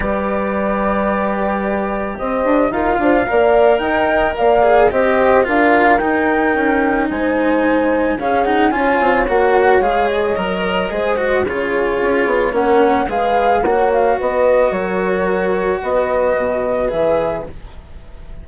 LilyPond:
<<
  \new Staff \with { instrumentName = "flute" } { \time 4/4 \tempo 4 = 110 d''1 | dis''4 f''2 g''4 | f''4 dis''4 f''4 g''4~ | g''4 gis''2 f''8 fis''8 |
gis''4 fis''4 f''8 dis''4.~ | dis''4 cis''2 fis''4 | f''4 fis''8 f''8 dis''4 cis''4~ | cis''4 dis''2 e''4 | }
  \new Staff \with { instrumentName = "horn" } { \time 4/4 b'1 | c''4 ais'8 c''8 d''4 dis''4 | d''4 c''4 ais'2~ | ais'4 c''2 gis'4 |
cis''1 | c''4 gis'2 ais'4 | b'4 cis''4 b'4 ais'4~ | ais'4 b'2. | }
  \new Staff \with { instrumentName = "cello" } { \time 4/4 g'1~ | g'4 f'4 ais'2~ | ais'8 gis'8 g'4 f'4 dis'4~ | dis'2. cis'8 dis'8 |
f'4 fis'4 gis'4 ais'4 | gis'8 fis'8 f'2 cis'4 | gis'4 fis'2.~ | fis'2. gis'4 | }
  \new Staff \with { instrumentName = "bassoon" } { \time 4/4 g1 | c'8 d'8 dis'8 d'8 ais4 dis'4 | ais4 c'4 d'4 dis'4 | cis'4 gis2 cis4 |
cis'8 c'8 ais4 gis4 fis4 | gis4 cis4 cis'8 b8 ais4 | gis4 ais4 b4 fis4~ | fis4 b4 b,4 e4 | }
>>